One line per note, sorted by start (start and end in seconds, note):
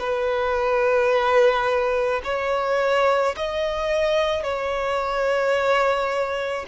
0.00 2.22 B4
2.24 3.35 C#5
3.37 4.43 D#5
4.43 6.66 C#5